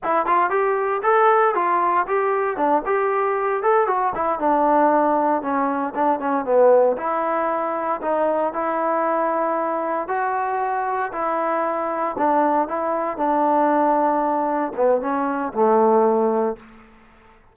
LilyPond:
\new Staff \with { instrumentName = "trombone" } { \time 4/4 \tempo 4 = 116 e'8 f'8 g'4 a'4 f'4 | g'4 d'8 g'4. a'8 fis'8 | e'8 d'2 cis'4 d'8 | cis'8 b4 e'2 dis'8~ |
dis'8 e'2. fis'8~ | fis'4. e'2 d'8~ | d'8 e'4 d'2~ d'8~ | d'8 b8 cis'4 a2 | }